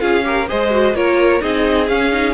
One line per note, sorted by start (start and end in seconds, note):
0.00 0.49 C#4
0.00 0.23 F4
0.00 0.25 G#4
0.00 0.47 F5
0.24 0.47 G4
0.24 0.49 A#4
0.48 0.94 G#3
0.48 0.71 G#4
0.48 0.96 C5
0.48 0.96 D#5
0.71 0.94 F#4
0.94 1.41 A#3
0.94 1.41 F4
0.94 1.43 A#4
0.94 1.42 C#5
1.41 1.90 C4
1.41 1.88 D#4
1.41 2.34 G#4
1.41 1.88 D#5
1.88 2.12 C#4
1.88 2.34 C#4
1.88 2.34 F5
2.12 2.34 D#4